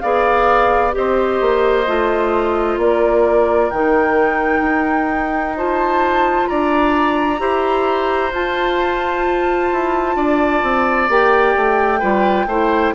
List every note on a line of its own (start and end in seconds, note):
0.00 0.96 B3
0.00 0.92 G#4
0.00 0.95 D5
0.00 0.92 F5
0.92 1.41 C4
0.92 1.85 G4
0.92 2.81 C5
0.92 2.79 D#5
1.41 1.87 A#3
1.87 2.77 A3
1.87 3.72 F4
2.77 3.70 A#3
2.77 5.57 A#4
2.77 3.71 D5
3.71 4.61 D#3
3.71 5.56 D#4
3.71 5.55 G5
4.61 6.46 D#4
5.56 7.39 F4
5.56 6.49 C5
5.56 6.47 A5
6.47 7.40 D4
6.47 7.41 D5
6.47 8.32 A#5
7.39 8.32 E4
7.39 8.31 G4
7.39 10.17 C5
8.32 9.70 F4
8.32 11.09 F4
8.32 11.11 A5
9.72 10.16 E4
10.16 10.62 D4
10.16 12.00 D5
10.63 11.09 C4
11.09 11.55 A#3
11.09 12.01 G4
11.09 12.95 G5
11.56 12.02 A3
12.00 12.46 G3
12.00 12.47 F4
12.00 12.46 B4
12.46 12.92 A3
12.46 12.95 E4
12.46 12.94 C5